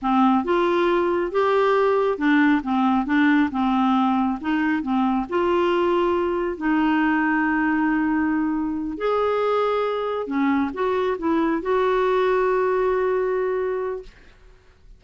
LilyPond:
\new Staff \with { instrumentName = "clarinet" } { \time 4/4 \tempo 4 = 137 c'4 f'2 g'4~ | g'4 d'4 c'4 d'4 | c'2 dis'4 c'4 | f'2. dis'4~ |
dis'1~ | dis'8 gis'2. cis'8~ | cis'8 fis'4 e'4 fis'4.~ | fis'1 | }